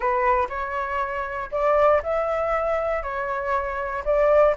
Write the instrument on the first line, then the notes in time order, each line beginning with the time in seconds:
flute
0.00 B4
0.49 C#5
1.51 D5
2.02 E5
3.03 C#5
4.05 D5